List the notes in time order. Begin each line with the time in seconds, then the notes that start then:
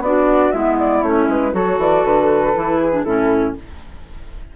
0.00 B3 D4 F#4 D5
0.51 G#3 B3 E4 E5
0.79 D5
1.02 A3 C#4 C#5
1.28 G#3 B4
1.52 F#3 F#4 A4 C#5
1.78 E3 D5
2.05 D3 B4
2.54 E3 E4
2.80 G#4
2.92 D4
3.03 A2 C#4 E4 A4